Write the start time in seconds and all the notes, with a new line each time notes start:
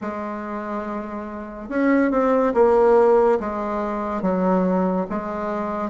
0.01 G#3
1.69 C#4
2.11 C4
2.54 A#3
3.40 G#3
4.22 F#3
5.09 G#3